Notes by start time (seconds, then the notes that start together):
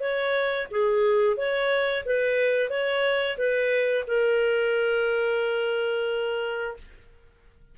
0.00 C#5
0.71 G#4
1.37 C#5
2.05 B4
2.70 C#5
3.37 B4
4.07 A#4